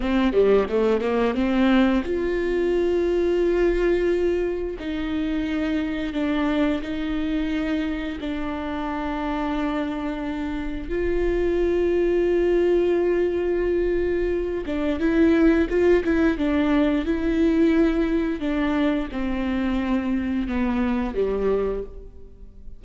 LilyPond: \new Staff \with { instrumentName = "viola" } { \time 4/4 \tempo 4 = 88 c'8 g8 a8 ais8 c'4 f'4~ | f'2. dis'4~ | dis'4 d'4 dis'2 | d'1 |
f'1~ | f'4. d'8 e'4 f'8 e'8 | d'4 e'2 d'4 | c'2 b4 g4 | }